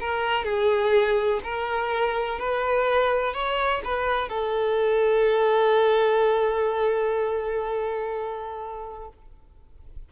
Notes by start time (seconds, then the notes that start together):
0.00 A#4
0.45 G#4
1.44 A#4
2.39 B4
3.34 C#5
3.85 B4
4.29 A4